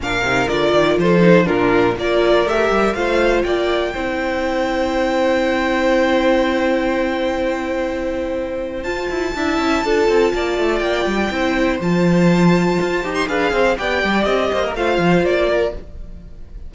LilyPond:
<<
  \new Staff \with { instrumentName = "violin" } { \time 4/4 \tempo 4 = 122 f''4 d''4 c''4 ais'4 | d''4 e''4 f''4 g''4~ | g''1~ | g''1~ |
g''2 a''2~ | a''2 g''2 | a''2~ a''8. c'''16 f''4 | g''4 dis''4 f''4 d''4 | }
  \new Staff \with { instrumentName = "violin" } { \time 4/4 ais'2 a'4 f'4 | ais'2 c''4 d''4 | c''1~ | c''1~ |
c''2. e''4 | a'4 d''2 c''4~ | c''2. b'8 c''8 | d''4. c''16 ais'16 c''4. ais'8 | }
  \new Staff \with { instrumentName = "viola" } { \time 4/4 d'8 dis'8 f'4. dis'8 d'4 | f'4 g'4 f'2 | e'1~ | e'1~ |
e'2 f'4 e'4 | f'2. e'4 | f'2~ f'8 g'8 gis'4 | g'2 f'2 | }
  \new Staff \with { instrumentName = "cello" } { \time 4/4 ais,8 c8 d8 dis8 f4 ais,4 | ais4 a8 g8 a4 ais4 | c'1~ | c'1~ |
c'2 f'8 e'8 d'8 cis'8 | d'8 c'8 ais8 a8 ais8 g8 c'4 | f2 f'8 dis'8 d'8 c'8 | b8 g8 c'8 ais8 a8 f8 ais4 | }
>>